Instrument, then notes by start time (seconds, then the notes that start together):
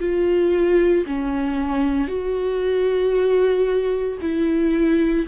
viola
0.00 F4
1.07 C#4
2.08 F#4
4.22 E4